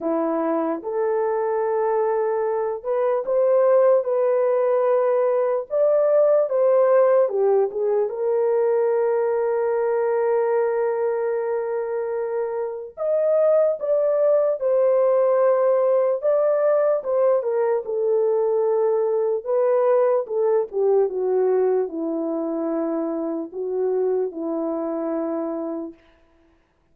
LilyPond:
\new Staff \with { instrumentName = "horn" } { \time 4/4 \tempo 4 = 74 e'4 a'2~ a'8 b'8 | c''4 b'2 d''4 | c''4 g'8 gis'8 ais'2~ | ais'1 |
dis''4 d''4 c''2 | d''4 c''8 ais'8 a'2 | b'4 a'8 g'8 fis'4 e'4~ | e'4 fis'4 e'2 | }